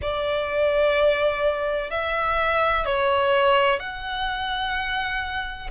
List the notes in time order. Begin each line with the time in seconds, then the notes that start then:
0.01 D5
1.90 E5
2.85 C#5
3.79 F#5